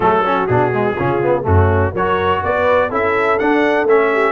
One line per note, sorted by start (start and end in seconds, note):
0.00 0.46 F#3
0.00 0.24 A3
0.00 0.21 G#4
0.00 0.46 A4
0.24 0.48 C#4
0.24 0.94 F#4
0.46 0.97 B2
0.46 0.72 D4
0.46 1.43 G#4
0.72 0.97 G#3
0.94 1.45 C#3
0.94 1.22 C#4
0.94 1.43 F4
1.22 1.43 B3
1.43 1.94 F#2
1.43 1.91 A3
1.43 1.92 C#4
1.43 1.95 F#4
1.92 2.42 F#3
1.92 2.90 F#4
1.92 2.40 A#4
1.92 2.44 C#5
2.43 2.91 B3
2.43 2.88 B4
2.43 2.92 D5
2.88 3.39 C#4
2.88 3.39 E4
2.88 4.09 A4
2.88 3.39 E5
3.39 3.87 D4
3.39 3.84 D4
3.39 3.87 F#5
3.84 4.32 A3
3.84 4.32 C#4
3.84 4.32 E5
4.12 4.32 G4